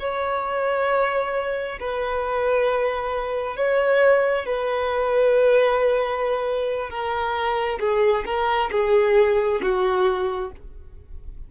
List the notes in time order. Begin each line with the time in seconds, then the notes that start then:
0.00 C#5
1.80 B4
3.56 C#5
4.46 B4
6.90 A#4
7.80 G#4
8.26 A#4
8.72 G#4
9.62 F#4